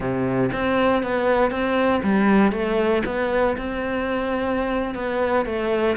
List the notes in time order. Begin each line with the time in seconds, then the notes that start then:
0.00 C3
0.52 C4
1.02 B3
1.50 C4
2.03 G3
2.51 A3
3.05 B3
3.57 C4
4.94 B3
5.45 A3